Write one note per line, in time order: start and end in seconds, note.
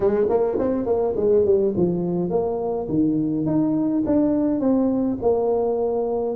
0.00 0.26 G#3
0.29 0.57 A#3
0.58 0.85 C4
0.85 1.14 A#3
1.16 1.45 G#3
1.45 1.74 G3
1.76 2.29 F3
2.29 2.87 A#3
2.88 3.46 D#3
3.46 4.03 D#4
4.06 4.60 D4
4.60 5.17 C4
5.21 6.36 A#3